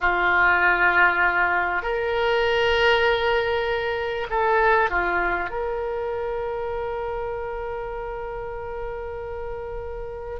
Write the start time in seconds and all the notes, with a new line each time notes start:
0.00 F4
1.82 A#4
4.29 A4
4.90 F4
5.50 A#4